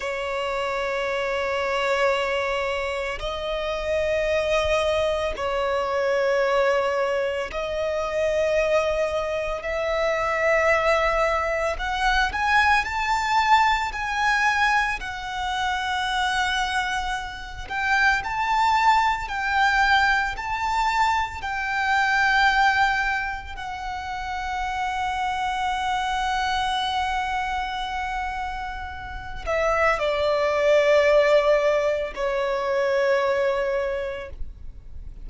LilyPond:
\new Staff \with { instrumentName = "violin" } { \time 4/4 \tempo 4 = 56 cis''2. dis''4~ | dis''4 cis''2 dis''4~ | dis''4 e''2 fis''8 gis''8 | a''4 gis''4 fis''2~ |
fis''8 g''8 a''4 g''4 a''4 | g''2 fis''2~ | fis''2.~ fis''8 e''8 | d''2 cis''2 | }